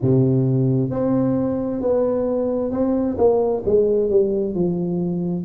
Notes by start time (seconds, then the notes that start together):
0.02 C3
0.90 C4
1.81 B3
2.71 C4
3.17 A#3
3.65 G#3
4.10 G3
4.55 F3